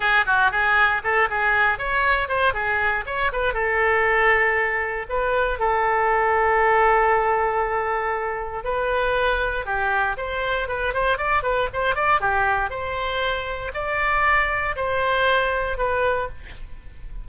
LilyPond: \new Staff \with { instrumentName = "oboe" } { \time 4/4 \tempo 4 = 118 gis'8 fis'8 gis'4 a'8 gis'4 cis''8~ | cis''8 c''8 gis'4 cis''8 b'8 a'4~ | a'2 b'4 a'4~ | a'1~ |
a'4 b'2 g'4 | c''4 b'8 c''8 d''8 b'8 c''8 d''8 | g'4 c''2 d''4~ | d''4 c''2 b'4 | }